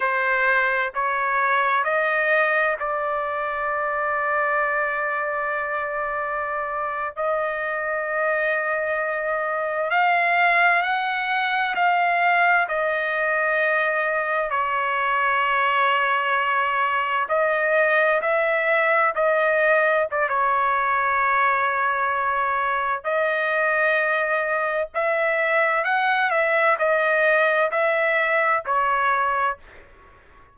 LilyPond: \new Staff \with { instrumentName = "trumpet" } { \time 4/4 \tempo 4 = 65 c''4 cis''4 dis''4 d''4~ | d''2.~ d''8. dis''16~ | dis''2~ dis''8. f''4 fis''16~ | fis''8. f''4 dis''2 cis''16~ |
cis''2~ cis''8. dis''4 e''16~ | e''8. dis''4 d''16 cis''2~ | cis''4 dis''2 e''4 | fis''8 e''8 dis''4 e''4 cis''4 | }